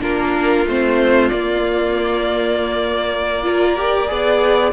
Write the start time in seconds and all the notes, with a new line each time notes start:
0.00 A#3 D4 F4 A#4
0.65 A3 C4 C5
1.29 A#3 D5
3.43 F4 A#4
3.76 G4
4.07 B3 G#4 D5